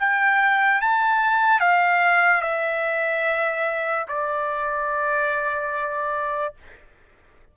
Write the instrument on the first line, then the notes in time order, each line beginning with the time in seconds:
trumpet
0.00 G5
0.81 A5
1.61 F5
2.42 E5
4.08 D5